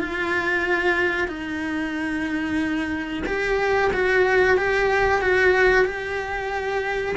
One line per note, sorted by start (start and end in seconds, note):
0.00 1.28 F4
1.28 3.24 D#4
3.27 3.92 G4
3.94 4.58 F#4
4.58 5.22 G4
5.22 5.85 F#4
5.85 7.16 G4